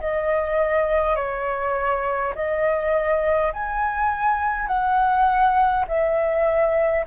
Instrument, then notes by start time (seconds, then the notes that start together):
flute
0.00 D#5
1.16 C#5
2.35 D#5
3.52 G#5
4.67 F#5
5.87 E5